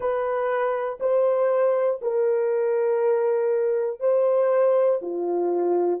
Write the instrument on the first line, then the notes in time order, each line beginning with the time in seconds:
horn
0.00 B4
1.00 C5
2.01 A#4
4.00 C5
5.01 F4